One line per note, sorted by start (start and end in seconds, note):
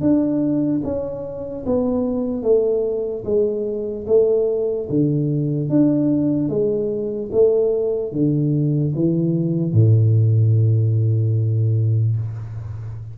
0.00 0.81 D4
0.84 1.65 C#4
1.65 2.43 B3
2.43 3.24 A3
3.24 4.05 G#3
4.07 4.88 A3
4.89 5.69 D3
5.69 6.49 D4
6.49 7.30 G#3
7.32 8.12 A3
8.12 8.93 D3
8.94 9.73 E3
9.73 12.16 A2